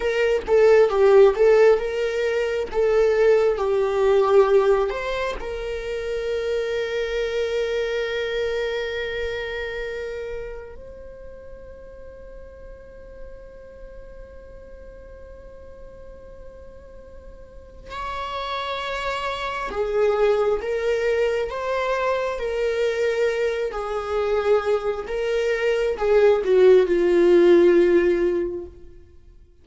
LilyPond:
\new Staff \with { instrumentName = "viola" } { \time 4/4 \tempo 4 = 67 ais'8 a'8 g'8 a'8 ais'4 a'4 | g'4. c''8 ais'2~ | ais'1 | c''1~ |
c''1 | cis''2 gis'4 ais'4 | c''4 ais'4. gis'4. | ais'4 gis'8 fis'8 f'2 | }